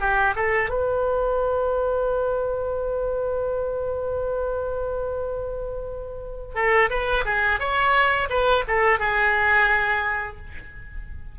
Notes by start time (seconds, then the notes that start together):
0.00 G4
0.36 A4
0.70 B4
6.55 A4
6.90 B4
7.25 G#4
7.60 C#5
8.30 B4
8.68 A4
8.99 G#4